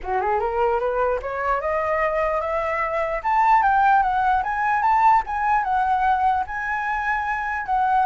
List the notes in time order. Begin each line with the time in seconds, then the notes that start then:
0.03 F#4
0.21 G#4
0.39 A#4
0.79 B4
1.22 C#5
1.61 D#5
2.40 E5
3.23 A5
3.62 G5
4.02 F#5
4.43 G#5
4.82 A5
5.26 G#5
5.63 F#5
6.46 G#5
7.66 F#5